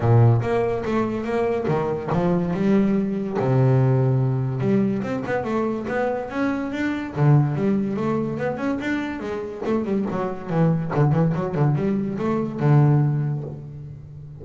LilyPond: \new Staff \with { instrumentName = "double bass" } { \time 4/4 \tempo 4 = 143 ais,4 ais4 a4 ais4 | dis4 f4 g2 | c2. g4 | c'8 b8 a4 b4 cis'4 |
d'4 d4 g4 a4 | b8 cis'8 d'4 gis4 a8 g8 | fis4 e4 d8 e8 fis8 d8 | g4 a4 d2 | }